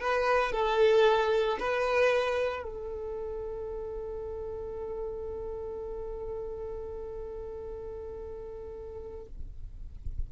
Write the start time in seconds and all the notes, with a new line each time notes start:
0.00 B4
0.52 A4
1.59 B4
2.62 A4